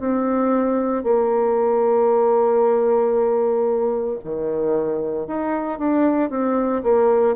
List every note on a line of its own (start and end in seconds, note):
0.00 1.03 C4
1.03 4.19 A#3
4.24 5.27 D#3
5.27 5.78 D#4
5.78 6.30 D4
6.30 6.83 C4
6.83 7.36 A#3